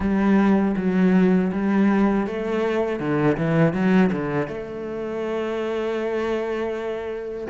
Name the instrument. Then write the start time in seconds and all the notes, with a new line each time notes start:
cello
0.00 G3
0.76 F#3
1.52 G3
2.26 A3
2.99 D3
3.37 E3
3.73 F#3
4.11 D3
4.47 A3